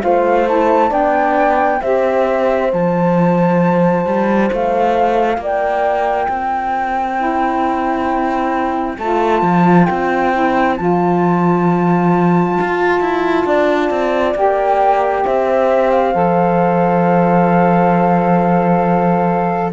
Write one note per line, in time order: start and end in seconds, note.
0.00 0.91 A3
0.00 0.45 F4
0.00 0.90 C5
0.00 0.47 F5
0.47 0.89 E4
0.47 0.93 A5
0.89 1.80 B3
0.89 1.78 D4
0.89 1.80 D5
0.89 1.82 G5
1.82 2.73 C4
1.82 2.70 G4
1.82 5.40 C5
1.82 2.71 E5
2.70 4.05 F3
2.70 7.17 F4
2.70 4.52 A5
4.05 4.50 G3
4.52 5.38 A3
4.52 5.41 F5
5.38 6.27 A#3
5.38 6.30 D5
5.38 8.99 G5
6.29 8.97 C4
6.29 13.46 C5
7.17 8.96 E4
8.98 9.42 A3
8.98 10.33 F4
8.98 9.85 A5
9.42 9.87 F3
9.85 10.79 C4
9.85 10.75 G5
10.33 10.78 E4
10.76 12.59 F3
10.76 14.35 F4
10.76 14.35 A5
12.60 13.00 F4
13.00 13.45 E4
13.46 13.90 D4
13.46 15.25 D5
13.90 14.35 C4
14.35 15.24 A#3
14.35 16.14 G4
14.35 15.26 G5
15.25 16.15 C4
15.25 19.73 C5
15.25 15.91 E5
15.91 19.71 F5
16.14 19.73 F3
16.14 19.72 A4